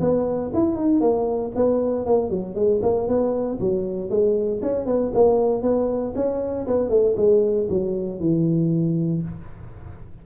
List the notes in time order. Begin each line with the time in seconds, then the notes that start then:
0.00 B3
0.53 E4
0.76 D#4
1.00 A#3
1.55 B3
2.06 A#3
2.30 F#3
2.55 G#3
2.82 A#3
3.07 B3
3.60 F#3
4.10 G#3
4.62 C#4
4.86 B3
5.13 A#3
5.62 B3
6.15 C#4
6.67 B3
6.89 A3
7.16 G#3
7.69 F#3
8.20 E3